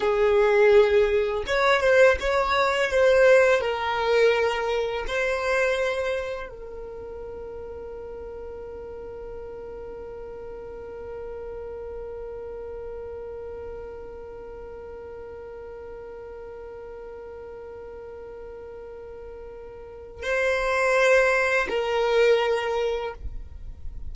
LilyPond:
\new Staff \with { instrumentName = "violin" } { \time 4/4 \tempo 4 = 83 gis'2 cis''8 c''8 cis''4 | c''4 ais'2 c''4~ | c''4 ais'2.~ | ais'1~ |
ais'1~ | ais'1~ | ais'1 | c''2 ais'2 | }